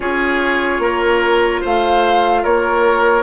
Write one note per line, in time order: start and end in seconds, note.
0.00 0.78 C#4
0.00 3.22 F4
0.00 0.82 G#4
0.00 1.62 C#5
0.78 1.59 A#3
0.78 1.61 A#4
1.61 2.45 A3
1.61 2.42 C5
1.61 2.44 F5
2.42 3.22 A#3
2.42 3.22 A#4
2.42 3.22 C#5